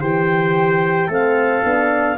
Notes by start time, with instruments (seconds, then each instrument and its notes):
0.00 tuba E3, horn G4, trumpet C5, clarinet G5
1.07 tuba A3, horn C4, trumpet A4, clarinet F5
1.63 tuba B3, horn D4